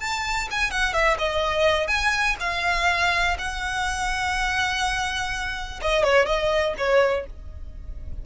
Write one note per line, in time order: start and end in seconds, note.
0.00 0.48 A5
0.51 0.71 G#5
0.71 0.93 F#5
0.93 1.17 E5
1.18 1.88 D#5
1.88 2.36 G#5
2.40 3.37 F5
3.39 5.81 F#5
5.82 6.04 D#5
6.04 6.26 C#5
6.26 6.74 D#5
6.78 7.26 C#5